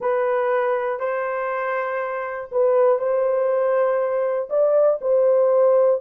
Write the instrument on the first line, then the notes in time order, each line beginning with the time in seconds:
horn
0.00 B4
0.99 C5
2.51 B4
2.99 C5
4.49 D5
5.01 C5